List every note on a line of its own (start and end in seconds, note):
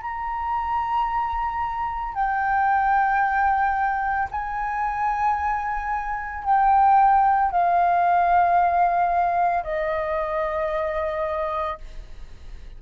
0.00 2.14 A#5
2.14 4.28 G5
4.31 6.44 G#5
6.44 7.50 G5
7.50 9.63 F5
9.63 11.78 D#5